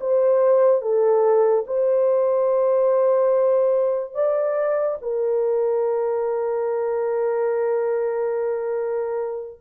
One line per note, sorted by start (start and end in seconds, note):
0.00 0.81 C5
0.81 1.64 A4
1.66 4.14 C5
4.14 4.97 D5
5.01 9.59 A#4